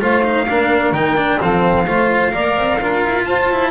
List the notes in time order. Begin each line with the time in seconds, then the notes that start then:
0.00 A3 F4 C5 F5
0.24 D#4
0.49 A#3 D4 A#4
0.93 D#3 D#4 G5
1.17 D4
1.40 F3 C4 A4 F5
1.87 A3 F4 C5
2.32 A#3 A#4 D5
2.57 C4
2.79 D4 F4 A#4
3.05 E4
3.25 F4 C5 A5
3.51 E4